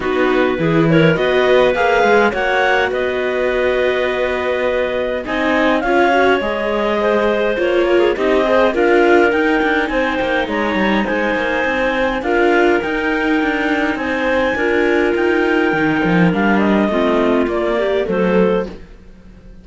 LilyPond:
<<
  \new Staff \with { instrumentName = "clarinet" } { \time 4/4 \tempo 4 = 103 b'4. cis''8 dis''4 f''4 | fis''4 dis''2.~ | dis''4 gis''4 f''4 dis''4~ | dis''4 cis''4 dis''4 f''4 |
g''4 gis''8 g''8 ais''4 gis''4~ | gis''4 f''4 g''2 | gis''2 g''2 | f''8 dis''4. d''4 c''4 | }
  \new Staff \with { instrumentName = "clarinet" } { \time 4/4 fis'4 gis'8 ais'8 b'2 | cis''4 b'2.~ | b'4 dis''4 cis''2 | c''4. ais'16 gis'16 g'8 c''8 ais'4~ |
ais'4 c''4 cis''4 c''4~ | c''4 ais'2. | c''4 ais'2.~ | ais'4 f'4. g'8 a'4 | }
  \new Staff \with { instrumentName = "viola" } { \time 4/4 dis'4 e'4 fis'4 gis'4 | fis'1~ | fis'4 dis'4 f'8 fis'8 gis'4~ | gis'4 f'4 dis'8 gis'8 f'4 |
dis'1~ | dis'4 f'4 dis'2~ | dis'4 f'2 dis'4 | d'4 c'4 ais4 a4 | }
  \new Staff \with { instrumentName = "cello" } { \time 4/4 b4 e4 b4 ais8 gis8 | ais4 b2.~ | b4 c'4 cis'4 gis4~ | gis4 ais4 c'4 d'4 |
dis'8 d'8 c'8 ais8 gis8 g8 gis8 ais8 | c'4 d'4 dis'4 d'4 | c'4 d'4 dis'4 dis8 f8 | g4 a4 ais4 fis4 | }
>>